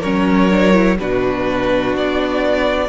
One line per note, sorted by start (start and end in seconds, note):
0.00 0.99 F#3
0.00 0.51 C#4
0.00 0.97 A#4
0.00 0.98 C#5
0.51 0.73 D4
0.73 0.97 E4
0.99 1.94 B2
0.99 2.89 D4
0.99 2.89 F#4
0.99 1.96 B4
1.94 2.89 B3
1.94 2.89 D5